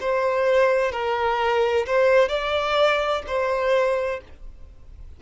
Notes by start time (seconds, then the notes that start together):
0.00 C5
0.92 A#4
1.86 C5
2.29 D5
3.27 C5